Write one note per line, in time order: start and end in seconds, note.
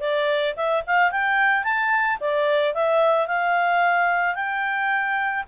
0.00 0.55 D5
0.56 0.83 E5
0.86 1.11 F5
1.11 1.64 G5
1.64 2.18 A5
2.20 2.74 D5
2.74 3.27 E5
3.27 4.35 F5
4.35 5.44 G5